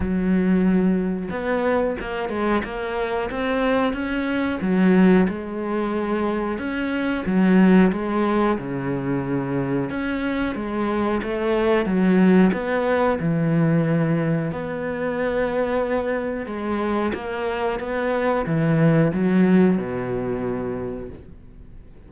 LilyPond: \new Staff \with { instrumentName = "cello" } { \time 4/4 \tempo 4 = 91 fis2 b4 ais8 gis8 | ais4 c'4 cis'4 fis4 | gis2 cis'4 fis4 | gis4 cis2 cis'4 |
gis4 a4 fis4 b4 | e2 b2~ | b4 gis4 ais4 b4 | e4 fis4 b,2 | }